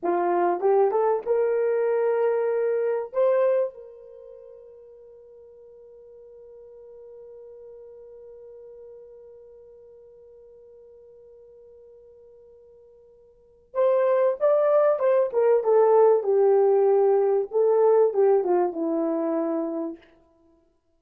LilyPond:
\new Staff \with { instrumentName = "horn" } { \time 4/4 \tempo 4 = 96 f'4 g'8 a'8 ais'2~ | ais'4 c''4 ais'2~ | ais'1~ | ais'1~ |
ais'1~ | ais'2 c''4 d''4 | c''8 ais'8 a'4 g'2 | a'4 g'8 f'8 e'2 | }